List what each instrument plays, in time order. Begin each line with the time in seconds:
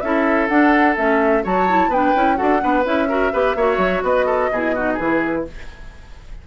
0.00 bassoon C#4, clarinet E4, oboe A4, flute E5
0.48 bassoon D4, clarinet D4, flute F#5
0.96 bassoon A3, clarinet C#4, flute E5
1.43 bassoon F#3, clarinet F#4, oboe C#5, flute A5
1.68 clarinet E4
1.88 bassoon B3, clarinet D4, oboe B4, flute G5
2.16 bassoon C#4, clarinet E4
2.36 bassoon D4, clarinet F#4, oboe A4, flute F#5
2.59 bassoon B3, clarinet D4, oboe B4
2.85 bassoon C#4, clarinet E4, flute E5
3.08 clarinet F#4, oboe A#4
3.32 bassoon B3, clarinet G4, oboe B4
3.56 bassoon A#3, clarinet F#4, oboe C#5
3.78 bassoon F#3
4.03 bassoon B3, oboe B4, flute D#5
4.26 oboe A4
4.51 bassoon B2, clarinet E4, oboe G#4
4.75 clarinet D#4, oboe F#4
4.94 bassoon E3, oboe G#4, flute B4
5.00 clarinet E4